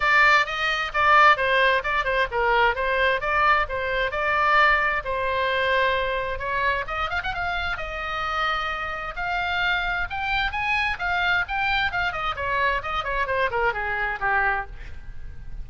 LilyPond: \new Staff \with { instrumentName = "oboe" } { \time 4/4 \tempo 4 = 131 d''4 dis''4 d''4 c''4 | d''8 c''8 ais'4 c''4 d''4 | c''4 d''2 c''4~ | c''2 cis''4 dis''8 f''16 fis''16 |
f''4 dis''2. | f''2 g''4 gis''4 | f''4 g''4 f''8 dis''8 cis''4 | dis''8 cis''8 c''8 ais'8 gis'4 g'4 | }